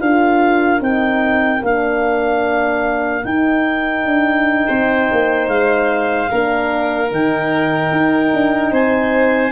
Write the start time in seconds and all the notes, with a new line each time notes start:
0.00 D4 F4 A#4 F5
0.80 C4 D#4 G5
1.62 A#3 D4 F5
3.25 D#4 G5
4.06 D4
4.67 C4 C5
5.12 A#3
5.48 G#3 F5
6.30 A#3 D4 A#4
7.09 D#3 D#4 G5
7.91 D#4
8.34 D4
8.71 C4 C5 G#5